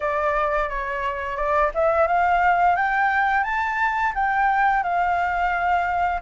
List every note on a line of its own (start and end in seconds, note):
0.00 0.69 D5
0.69 1.36 C#5
1.36 1.71 D5
1.74 2.07 E5
2.07 2.76 F5
2.76 3.43 G5
3.43 4.12 A5
4.14 4.83 G5
4.83 6.21 F5